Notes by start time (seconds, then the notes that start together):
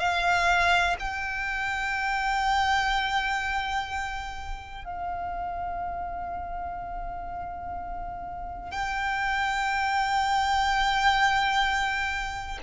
0.00 F5
1.00 G5
4.85 F5
8.72 G5